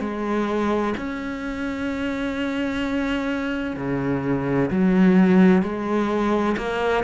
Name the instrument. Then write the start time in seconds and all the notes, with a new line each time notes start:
cello
0.00 G#3
0.97 C#4
3.76 C#3
4.70 F#3
5.62 G#3
6.57 A#3